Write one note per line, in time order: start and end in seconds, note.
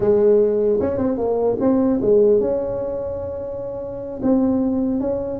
0.00 0.79 G#3
0.80 0.97 C#4
0.97 1.17 C4
1.17 1.57 A#3
1.60 2.00 C4
2.01 2.40 G#3
2.40 4.20 C#4
4.22 5.00 C4
5.00 5.39 C#4